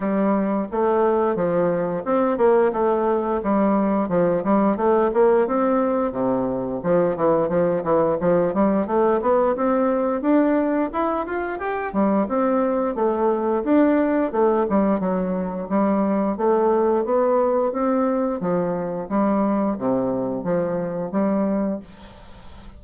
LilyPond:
\new Staff \with { instrumentName = "bassoon" } { \time 4/4 \tempo 4 = 88 g4 a4 f4 c'8 ais8 | a4 g4 f8 g8 a8 ais8 | c'4 c4 f8 e8 f8 e8 | f8 g8 a8 b8 c'4 d'4 |
e'8 f'8 g'8 g8 c'4 a4 | d'4 a8 g8 fis4 g4 | a4 b4 c'4 f4 | g4 c4 f4 g4 | }